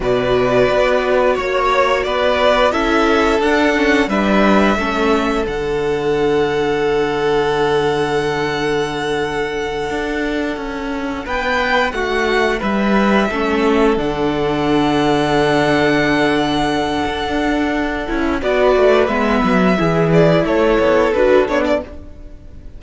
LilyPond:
<<
  \new Staff \with { instrumentName = "violin" } { \time 4/4 \tempo 4 = 88 d''2 cis''4 d''4 | e''4 fis''4 e''2 | fis''1~ | fis''1~ |
fis''8 g''4 fis''4 e''4.~ | e''8 fis''2.~ fis''8~ | fis''2. d''4 | e''4. d''8 cis''4 b'8 cis''16 d''16 | }
  \new Staff \with { instrumentName = "violin" } { \time 4/4 b'2 cis''4 b'4 | a'2 b'4 a'4~ | a'1~ | a'1~ |
a'8 b'4 fis'4 b'4 a'8~ | a'1~ | a'2. b'4~ | b'4 gis'4 a'2 | }
  \new Staff \with { instrumentName = "viola" } { \time 4/4 fis'1 | e'4 d'8 cis'8 d'4 cis'4 | d'1~ | d'1~ |
d'2.~ d'8 cis'8~ | cis'8 d'2.~ d'8~ | d'2~ d'8 e'8 fis'4 | b4 e'2 fis'8 d'8 | }
  \new Staff \with { instrumentName = "cello" } { \time 4/4 b,4 b4 ais4 b4 | cis'4 d'4 g4 a4 | d1~ | d2~ d8 d'4 cis'8~ |
cis'8 b4 a4 g4 a8~ | a8 d2.~ d8~ | d4 d'4. cis'8 b8 a8 | gis8 fis8 e4 a8 b8 d'8 b8 | }
>>